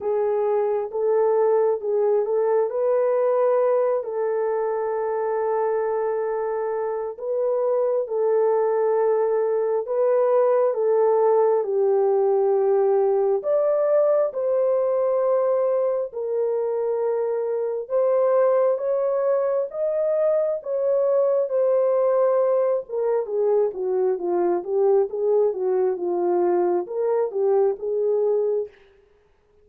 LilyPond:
\new Staff \with { instrumentName = "horn" } { \time 4/4 \tempo 4 = 67 gis'4 a'4 gis'8 a'8 b'4~ | b'8 a'2.~ a'8 | b'4 a'2 b'4 | a'4 g'2 d''4 |
c''2 ais'2 | c''4 cis''4 dis''4 cis''4 | c''4. ais'8 gis'8 fis'8 f'8 g'8 | gis'8 fis'8 f'4 ais'8 g'8 gis'4 | }